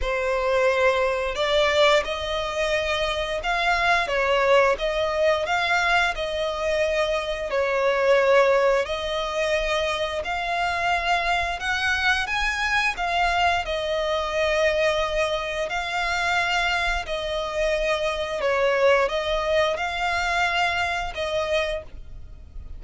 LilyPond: \new Staff \with { instrumentName = "violin" } { \time 4/4 \tempo 4 = 88 c''2 d''4 dis''4~ | dis''4 f''4 cis''4 dis''4 | f''4 dis''2 cis''4~ | cis''4 dis''2 f''4~ |
f''4 fis''4 gis''4 f''4 | dis''2. f''4~ | f''4 dis''2 cis''4 | dis''4 f''2 dis''4 | }